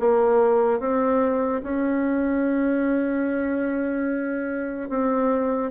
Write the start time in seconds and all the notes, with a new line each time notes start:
0.00 A#3
0.80 C4
1.63 C#4
4.90 C4